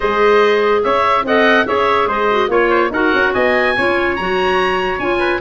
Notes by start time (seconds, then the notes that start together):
0.00 G#3 G#4 C5 D#5
0.83 C#4 C#5 E5
1.24 C4 A4 D#5 F#5
1.65 C#4 G#4 C#5 E5
2.06 G#3 C5 D#5
2.30 F#4
2.48 A#3 F4 C#5
2.70 C5
2.90 D#4 F#4 A#4 F#5
3.13 C#4
3.34 B3 D#5 G#5
3.76 C#4 F4 C#5
4.16 F#3 F#4 A#5
4.98 C#4 F4 G#5
5.18 B4